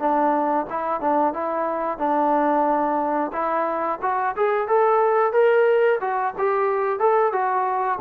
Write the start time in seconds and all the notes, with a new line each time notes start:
0.00 D4
0.70 E4
1.01 D4
1.34 E4
1.99 D4
3.33 E4
4.02 F#4
4.37 G#4
4.68 A4
5.33 A#4
6.01 F#4
6.39 G4
7.00 A4
7.33 F#4